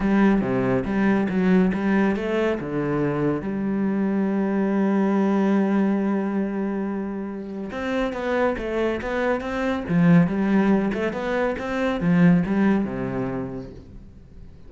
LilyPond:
\new Staff \with { instrumentName = "cello" } { \time 4/4 \tempo 4 = 140 g4 c4 g4 fis4 | g4 a4 d2 | g1~ | g1~ |
g2 c'4 b4 | a4 b4 c'4 f4 | g4. a8 b4 c'4 | f4 g4 c2 | }